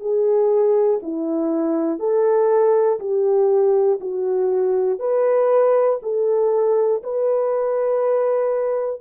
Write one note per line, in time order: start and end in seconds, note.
0.00 1.00 G#4
1.02 2.00 E4
2.00 3.00 A4
3.00 4.00 G4
4.00 5.00 F#4
5.00 6.00 B4
6.02 7.02 A4
7.03 9.01 B4